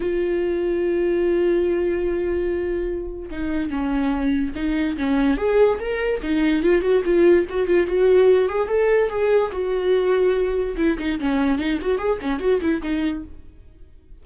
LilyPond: \new Staff \with { instrumentName = "viola" } { \time 4/4 \tempo 4 = 145 f'1~ | f'1 | dis'4 cis'2 dis'4 | cis'4 gis'4 ais'4 dis'4 |
f'8 fis'8 f'4 fis'8 f'8 fis'4~ | fis'8 gis'8 a'4 gis'4 fis'4~ | fis'2 e'8 dis'8 cis'4 | dis'8 fis'8 gis'8 cis'8 fis'8 e'8 dis'4 | }